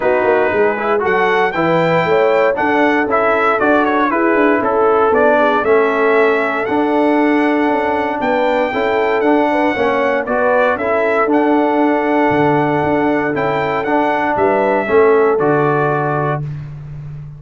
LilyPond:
<<
  \new Staff \with { instrumentName = "trumpet" } { \time 4/4 \tempo 4 = 117 b'2 fis''4 g''4~ | g''4 fis''4 e''4 d''8 cis''8 | b'4 a'4 d''4 e''4~ | e''4 fis''2. |
g''2 fis''2 | d''4 e''4 fis''2~ | fis''2 g''4 fis''4 | e''2 d''2 | }
  \new Staff \with { instrumentName = "horn" } { \time 4/4 fis'4 gis'4 a'4 b'4 | cis''4 a'2. | gis'4 a'4. gis'8 a'4~ | a'1 |
b'4 a'4. b'8 cis''4 | b'4 a'2.~ | a'1 | b'4 a'2. | }
  \new Staff \with { instrumentName = "trombone" } { \time 4/4 dis'4. e'8 fis'4 e'4~ | e'4 d'4 e'4 fis'4 | e'2 d'4 cis'4~ | cis'4 d'2.~ |
d'4 e'4 d'4 cis'4 | fis'4 e'4 d'2~ | d'2 e'4 d'4~ | d'4 cis'4 fis'2 | }
  \new Staff \with { instrumentName = "tuba" } { \time 4/4 b8 ais8 gis4 fis4 e4 | a4 d'4 cis'4 d'4 | e'8 d'8 cis'4 b4 a4~ | a4 d'2 cis'4 |
b4 cis'4 d'4 ais4 | b4 cis'4 d'2 | d4 d'4 cis'4 d'4 | g4 a4 d2 | }
>>